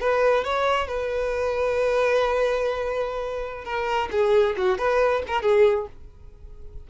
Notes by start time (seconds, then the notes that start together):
0.00 B4
0.44 C#5
0.87 B4
3.64 A#4
4.11 G#4
4.57 F#4
4.78 B4
5.27 A#4
5.42 G#4